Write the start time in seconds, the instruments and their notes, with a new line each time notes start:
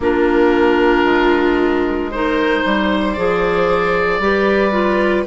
0.00 bassoon A#3, clarinet D4, viola F4, oboe A#4
1.04 bassoon G#3
2.11 clarinet D#4, viola A#4, oboe C5
2.62 bassoon G3, viola C5
3.13 bassoon F3, clarinet G#4, oboe D5
4.19 bassoon G3, clarinet G4, viola B4
4.72 clarinet F4